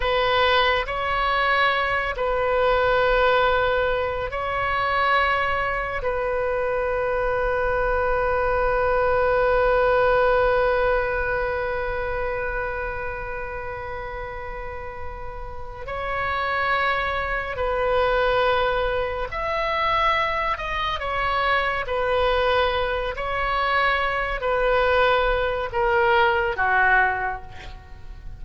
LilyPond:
\new Staff \with { instrumentName = "oboe" } { \time 4/4 \tempo 4 = 70 b'4 cis''4. b'4.~ | b'4 cis''2 b'4~ | b'1~ | b'1~ |
b'2~ b'8 cis''4.~ | cis''8 b'2 e''4. | dis''8 cis''4 b'4. cis''4~ | cis''8 b'4. ais'4 fis'4 | }